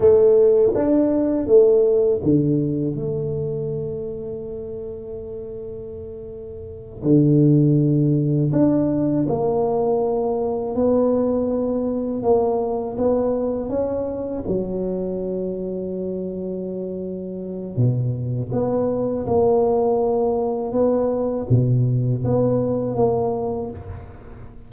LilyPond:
\new Staff \with { instrumentName = "tuba" } { \time 4/4 \tempo 4 = 81 a4 d'4 a4 d4 | a1~ | a4. d2 d'8~ | d'8 ais2 b4.~ |
b8 ais4 b4 cis'4 fis8~ | fis1 | b,4 b4 ais2 | b4 b,4 b4 ais4 | }